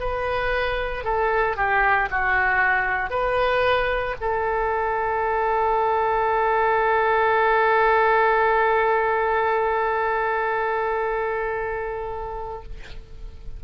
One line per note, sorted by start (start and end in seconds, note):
0.00 1.04 B4
1.04 1.56 A4
1.56 2.09 G4
2.11 3.11 F#4
3.11 4.16 B4
4.21 12.63 A4